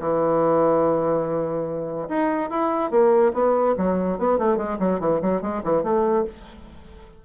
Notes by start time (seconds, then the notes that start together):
0.00 E3
2.09 D#4
2.50 E4
2.91 A#3
3.33 B3
3.77 F#3
4.19 B3
4.38 A3
4.57 G#3
4.79 F#3
5.00 E3
5.22 F#3
5.42 G#3
5.64 E3
5.83 A3